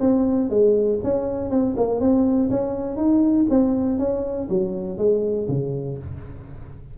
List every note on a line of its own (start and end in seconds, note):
0.00 0.49 C4
0.49 0.99 G#3
1.03 1.50 C#4
1.50 1.75 C4
1.76 2.00 A#3
2.00 2.50 C4
2.50 2.96 C#4
2.96 3.46 D#4
3.49 3.98 C4
3.98 4.48 C#4
4.49 4.97 F#3
4.97 5.47 G#3
5.48 5.98 C#3